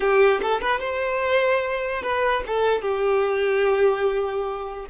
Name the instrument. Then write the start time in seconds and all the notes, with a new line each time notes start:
violin
0.00 G4
0.42 A4
0.61 B4
0.80 C5
2.02 B4
2.46 A4
2.81 G4